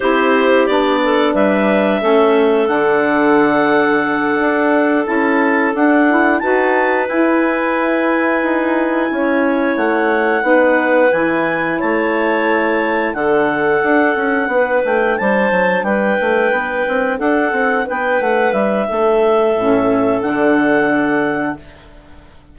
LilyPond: <<
  \new Staff \with { instrumentName = "clarinet" } { \time 4/4 \tempo 4 = 89 c''4 d''4 e''2 | fis''2.~ fis''8 a''8~ | a''8 fis''4 a''4 gis''4.~ | gis''2~ gis''8 fis''4.~ |
fis''8 gis''4 a''2 fis''8~ | fis''2 g''8 a''4 g''8~ | g''4. fis''4 g''8 fis''8 e''8~ | e''2 fis''2 | }
  \new Staff \with { instrumentName = "clarinet" } { \time 4/4 g'4. a'8 b'4 a'4~ | a'1~ | a'4. b'2~ b'8~ | b'4. cis''2 b'8~ |
b'4. cis''2 a'8~ | a'4. b'4 c''4 b'8~ | b'4. a'4 b'4. | a'1 | }
  \new Staff \with { instrumentName = "saxophone" } { \time 4/4 e'4 d'2 cis'4 | d'2.~ d'8 e'8~ | e'8 d'8 e'8 fis'4 e'4.~ | e'2.~ e'8 dis'8~ |
dis'8 e'2. d'8~ | d'1~ | d'1~ | d'4 cis'4 d'2 | }
  \new Staff \with { instrumentName = "bassoon" } { \time 4/4 c'4 b4 g4 a4 | d2~ d8 d'4 cis'8~ | cis'8 d'4 dis'4 e'4.~ | e'8 dis'4 cis'4 a4 b8~ |
b8 e4 a2 d8~ | d8 d'8 cis'8 b8 a8 g8 fis8 g8 | a8 b8 c'8 d'8 c'8 b8 a8 g8 | a4 a,4 d2 | }
>>